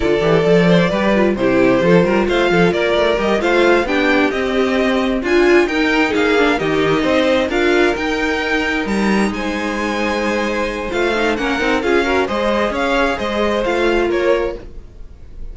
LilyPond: <<
  \new Staff \with { instrumentName = "violin" } { \time 4/4 \tempo 4 = 132 d''2. c''4~ | c''4 f''4 d''4 dis''8 f''8~ | f''8 g''4 dis''2 gis''8~ | gis''8 g''4 f''4 dis''4.~ |
dis''8 f''4 g''2 ais''8~ | ais''8 gis''2.~ gis''8 | f''4 fis''4 f''4 dis''4 | f''4 dis''4 f''4 cis''4 | }
  \new Staff \with { instrumentName = "violin" } { \time 4/4 a'4. c''8 b'4 g'4 | a'8 ais'8 c''8 a'8 ais'4. c''8~ | c''8 g'2. f'8~ | f'8 ais'4 gis'4 g'4 c''8~ |
c''8 ais'2.~ ais'8~ | ais'8 c''2.~ c''8~ | c''4 ais'4 gis'8 ais'8 c''4 | cis''4 c''2 ais'4 | }
  \new Staff \with { instrumentName = "viola" } { \time 4/4 f'8 g'8 a'4 g'8 f'8 e'4 | f'2. g'8 f'8~ | f'8 d'4 c'2 f'8~ | f'8 dis'4. d'8 dis'4.~ |
dis'8 f'4 dis'2~ dis'8~ | dis'1 | f'8 dis'8 cis'8 dis'8 f'8 fis'8 gis'4~ | gis'2 f'2 | }
  \new Staff \with { instrumentName = "cello" } { \time 4/4 d8 e8 f4 g4 c4 | f8 g8 a8 f8 ais8 a8 g8 a8~ | a8 b4 c'2 d'8~ | d'8 dis'4 ais4 dis4 c'8~ |
c'8 d'4 dis'2 g8~ | g8 gis2.~ gis8 | a4 ais8 c'8 cis'4 gis4 | cis'4 gis4 a4 ais4 | }
>>